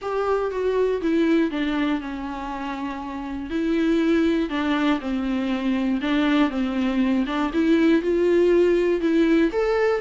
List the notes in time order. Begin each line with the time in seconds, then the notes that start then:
0.01 G4
0.51 F#4
1.01 E4
1.50 D4
2.00 C#4
3.50 E4
4.49 D4
5.00 C4
6.01 D4
6.50 C4
7.26 D4
7.52 E4
8.02 F4
9.00 E4
9.52 A4